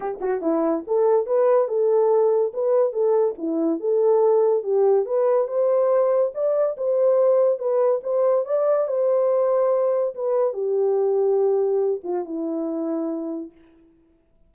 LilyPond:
\new Staff \with { instrumentName = "horn" } { \time 4/4 \tempo 4 = 142 g'8 fis'8 e'4 a'4 b'4 | a'2 b'4 a'4 | e'4 a'2 g'4 | b'4 c''2 d''4 |
c''2 b'4 c''4 | d''4 c''2. | b'4 g'2.~ | g'8 f'8 e'2. | }